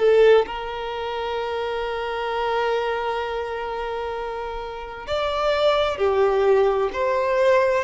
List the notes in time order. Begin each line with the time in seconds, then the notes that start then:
0.00 A4
0.47 A#4
5.08 D5
5.98 G4
6.93 C5